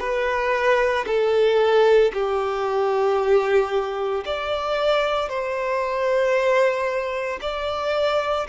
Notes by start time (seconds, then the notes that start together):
0.00 B4
1.07 A4
2.13 G4
4.25 D5
5.29 C5
7.42 D5